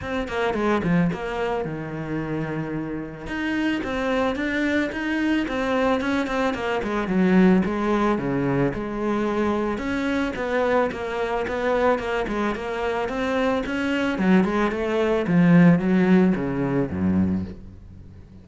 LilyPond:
\new Staff \with { instrumentName = "cello" } { \time 4/4 \tempo 4 = 110 c'8 ais8 gis8 f8 ais4 dis4~ | dis2 dis'4 c'4 | d'4 dis'4 c'4 cis'8 c'8 | ais8 gis8 fis4 gis4 cis4 |
gis2 cis'4 b4 | ais4 b4 ais8 gis8 ais4 | c'4 cis'4 fis8 gis8 a4 | f4 fis4 cis4 fis,4 | }